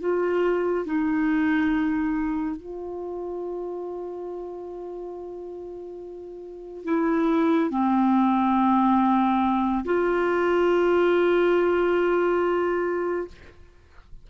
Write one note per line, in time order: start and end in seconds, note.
0.00 0.86 F4
0.86 2.56 D#4
2.56 6.85 F4
6.85 7.70 E4
7.70 9.85 C4
9.85 13.28 F4